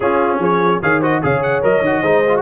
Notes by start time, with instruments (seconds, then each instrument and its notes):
0.00 tuba C#4, trombone C#4, horn F4, trumpet G#4
0.38 tuba F3, horn G#4, trumpet C#5
0.81 tuba D#3, trombone G#4, horn C#5, trumpet F5
1.00 trombone F#4, horn C5, trumpet D#5
1.22 tuba C#3, trombone G#4, horn C#5, trumpet F5
1.42 trumpet F#5
1.62 tuba F#3, trombone A#4, trumpet D#5
1.81 tuba D#3, trombone F#4
2.01 tuba G#3, trombone D#4, horn C5
2.28 trombone F4
2.36 trombone F#4